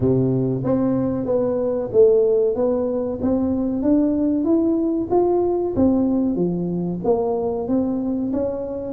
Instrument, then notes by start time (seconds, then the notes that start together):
tuba
0.00 C3
0.64 C4
1.25 B3
1.92 A3
2.55 B3
3.21 C4
3.82 D4
4.44 E4
5.10 F4
5.76 C4
6.35 F3
7.04 A#3
7.68 C4
8.33 C#4